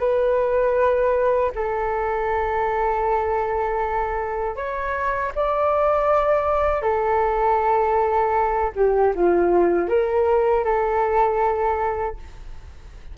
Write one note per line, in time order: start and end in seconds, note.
0.00 1.52 B4
1.56 4.57 A4
4.57 5.33 C#5
5.36 6.83 D5
6.83 8.72 A4
8.76 9.14 G4
9.16 9.89 F4
9.89 10.65 A#4
10.65 12.17 A4